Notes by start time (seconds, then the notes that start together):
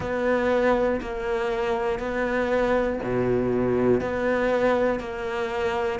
0.00 B3
1.01 A#3
1.99 B3
3.03 B2
4.00 B3
5.00 A#3